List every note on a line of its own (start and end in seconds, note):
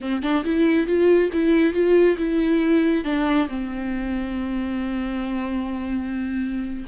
0.00 0.22 C4
0.22 0.44 D4
0.44 0.86 E4
0.86 1.30 F4
1.32 1.73 E4
1.73 2.16 F4
2.17 3.04 E4
3.04 3.48 D4
3.48 6.85 C4